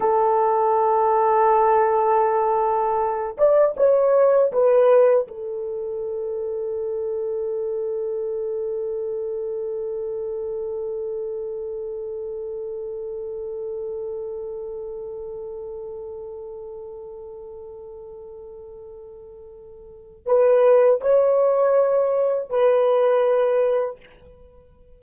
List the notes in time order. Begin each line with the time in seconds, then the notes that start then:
0.00 A4
3.38 D5
3.76 C#5
4.52 B4
5.27 A4
20.26 B4
21.01 C#5
22.49 B4